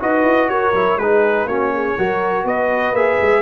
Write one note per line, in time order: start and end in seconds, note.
0.00 0.24 D#4
0.00 0.74 F#4
0.00 0.50 B4
0.00 0.49 D#5
0.24 0.48 E4
0.48 0.73 F#4
0.48 0.99 A#4
0.48 0.98 C#5
0.73 0.96 F#3
0.73 0.98 E4
0.96 1.45 G#3
0.96 1.49 D#4
0.96 1.48 G#4
0.96 1.47 B4
1.45 1.94 A#3
1.45 1.97 C#4
1.45 1.72 F#4
1.45 2.46 C#5
1.73 1.97 G#4
1.97 2.44 F#3
1.97 2.95 F#4
1.97 2.44 A#4
2.44 2.92 B3
2.44 3.41 B4
2.44 2.95 D#5
2.92 3.17 A#3
2.92 3.41 G#4
2.92 3.41 E5
3.21 3.41 G#3